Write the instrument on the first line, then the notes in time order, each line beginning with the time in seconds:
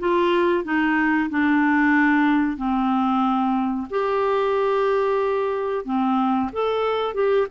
clarinet
0.00 F4
0.64 D#4
1.30 D4
2.57 C4
3.90 G4
5.85 C4
6.53 A4
7.15 G4